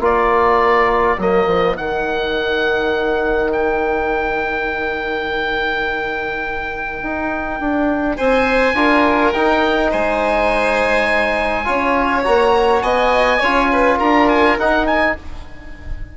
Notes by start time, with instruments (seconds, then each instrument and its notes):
0.00 bassoon A#3, trombone F4, violin A#4, oboe D5
1.18 bassoon F#3, trombone A#3, oboe D#5
1.47 bassoon F3
1.76 bassoon D#3, trombone D#4, oboe F#5
3.53 oboe G5
7.03 bassoon D#4
7.60 bassoon D4
8.17 bassoon C4, violin C5, oboe G#5
8.74 bassoon D4, trombone F4, violin A#4
9.33 trombone D#4, bassoon D#4, oboe G5
9.91 bassoon G#3, violin C5, oboe G#5
11.65 bassoon C#4, trombone F4, violin C#5
12.24 bassoon A#3, trombone F#4, oboe A#5
12.82 bassoon B3, violin D#5, oboe G#5
13.40 bassoon C#4, trombone F4, violin C#5
13.72 violin B4
13.98 bassoon D4, violin A#4, oboe A#5
14.29 oboe G#5
14.58 bassoon D#4, trombone D#4, oboe F#5
14.87 oboe G#5